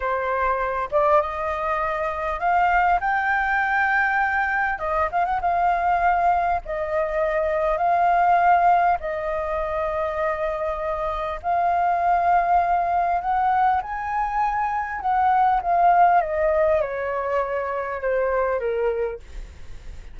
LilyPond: \new Staff \with { instrumentName = "flute" } { \time 4/4 \tempo 4 = 100 c''4. d''8 dis''2 | f''4 g''2. | dis''8 f''16 fis''16 f''2 dis''4~ | dis''4 f''2 dis''4~ |
dis''2. f''4~ | f''2 fis''4 gis''4~ | gis''4 fis''4 f''4 dis''4 | cis''2 c''4 ais'4 | }